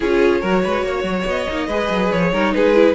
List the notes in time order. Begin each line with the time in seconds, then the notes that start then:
0.00 C#4 F4 G#4 C#5
0.40 F#3 F#4 A#4
0.64 G#3 B4
0.83 A#3 C#5
1.03 F#3
1.25 B3 D#5
1.47 A#3 D#4
1.66 G#3 G#4 B4
1.90 F#3
2.11 F3 C#5
2.32 G3 D#4 A#4
2.54 G#3 G#4 B4
2.73 E4